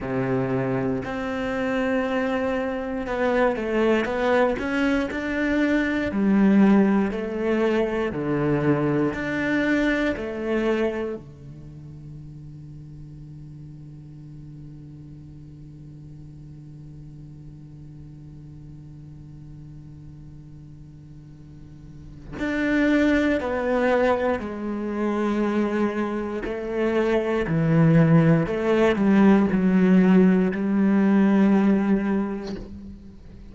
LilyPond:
\new Staff \with { instrumentName = "cello" } { \time 4/4 \tempo 4 = 59 c4 c'2 b8 a8 | b8 cis'8 d'4 g4 a4 | d4 d'4 a4 d4~ | d1~ |
d1~ | d2 d'4 b4 | gis2 a4 e4 | a8 g8 fis4 g2 | }